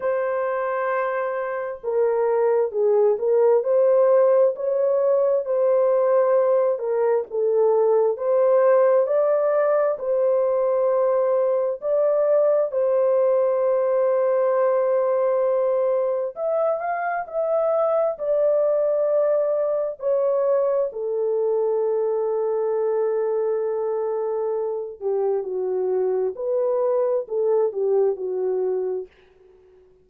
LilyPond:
\new Staff \with { instrumentName = "horn" } { \time 4/4 \tempo 4 = 66 c''2 ais'4 gis'8 ais'8 | c''4 cis''4 c''4. ais'8 | a'4 c''4 d''4 c''4~ | c''4 d''4 c''2~ |
c''2 e''8 f''8 e''4 | d''2 cis''4 a'4~ | a'2.~ a'8 g'8 | fis'4 b'4 a'8 g'8 fis'4 | }